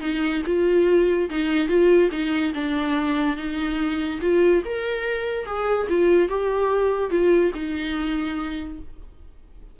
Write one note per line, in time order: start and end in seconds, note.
0.00 0.42 D#4
0.46 1.29 F4
1.30 1.68 D#4
1.68 2.10 F4
2.11 2.53 D#4
2.54 3.36 D4
3.36 4.20 D#4
4.21 4.63 F4
4.65 5.46 A#4
5.46 5.87 G#4
5.89 6.28 F4
6.28 7.10 G4
7.10 7.52 F4
7.54 8.79 D#4